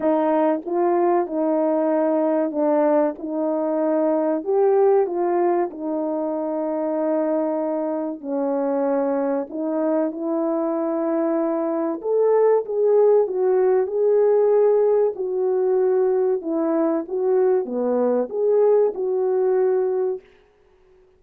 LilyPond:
\new Staff \with { instrumentName = "horn" } { \time 4/4 \tempo 4 = 95 dis'4 f'4 dis'2 | d'4 dis'2 g'4 | f'4 dis'2.~ | dis'4 cis'2 dis'4 |
e'2. a'4 | gis'4 fis'4 gis'2 | fis'2 e'4 fis'4 | b4 gis'4 fis'2 | }